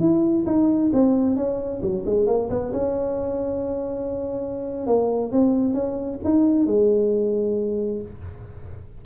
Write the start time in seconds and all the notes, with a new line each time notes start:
0.00 E4
0.46 D#4
0.93 C4
1.36 C#4
1.82 F#3
2.06 G#3
2.27 A#3
2.50 B3
2.73 C#4
4.87 A#3
5.32 C4
5.74 C#4
6.24 D#4
6.66 G#3